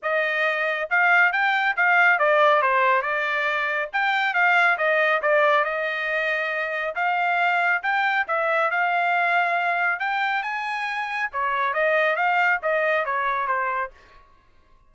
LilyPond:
\new Staff \with { instrumentName = "trumpet" } { \time 4/4 \tempo 4 = 138 dis''2 f''4 g''4 | f''4 d''4 c''4 d''4~ | d''4 g''4 f''4 dis''4 | d''4 dis''2. |
f''2 g''4 e''4 | f''2. g''4 | gis''2 cis''4 dis''4 | f''4 dis''4 cis''4 c''4 | }